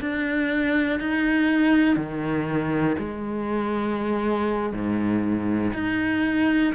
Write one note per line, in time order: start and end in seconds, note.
0.00 0.99 D4
0.99 1.96 D#4
1.96 2.96 D#3
2.98 4.73 G#3
4.73 5.73 G#2
5.73 6.73 D#4